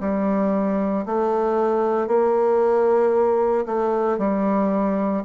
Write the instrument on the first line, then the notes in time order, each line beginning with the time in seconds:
bassoon
0.00 G3
1.06 A3
2.07 A#3
3.66 A3
4.18 G3